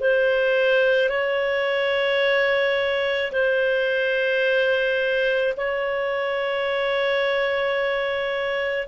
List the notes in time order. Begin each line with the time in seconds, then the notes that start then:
0.00 C5
1.09 C#5
3.32 C5
5.57 C#5